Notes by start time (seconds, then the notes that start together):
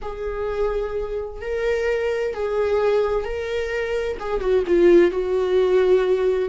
0.02 G#4
1.41 A#4
2.34 G#4
3.24 A#4
4.19 G#4
4.40 F#4
4.67 F4
5.11 F#4